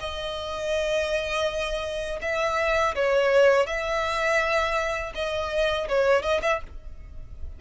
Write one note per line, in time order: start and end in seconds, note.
0.00 2.20 D#5
2.22 2.95 E5
2.95 3.66 C#5
3.66 5.13 E5
5.15 5.88 D#5
5.88 6.23 C#5
6.23 6.41 D#5
6.42 6.61 E5